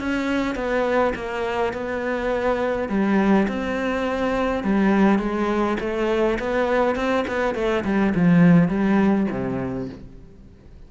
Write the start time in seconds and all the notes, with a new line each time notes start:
0.00 C#4
0.55 B3
1.15 A#3
1.73 B3
2.89 G3
3.48 C4
4.64 G3
5.19 G#3
5.80 A3
6.39 B3
6.96 C4
7.28 B3
7.55 A3
7.85 G3
8.15 F3
8.69 G3
9.31 C3